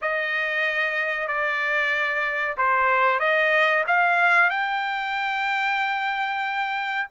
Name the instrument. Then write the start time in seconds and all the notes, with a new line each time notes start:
trumpet
0.01 D#5
1.27 D5
2.57 C5
3.19 D#5
3.87 F5
4.50 G5